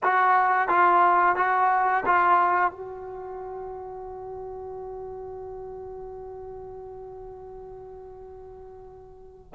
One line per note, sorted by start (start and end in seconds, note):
0.03 0.68 F#4
0.68 1.35 F4
1.35 2.04 F#4
2.05 2.71 F4
2.71 9.53 F#4